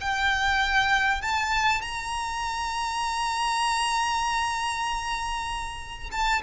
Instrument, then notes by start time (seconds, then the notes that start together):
violin
0.00 G5
1.21 A5
1.81 A#5
6.11 A5